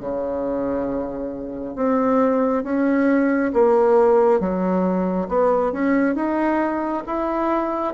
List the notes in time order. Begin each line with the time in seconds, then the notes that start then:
0.00 C#3
1.76 C4
2.64 C#4
3.53 A#3
4.40 F#3
5.29 B3
5.72 C#4
6.15 D#4
7.06 E4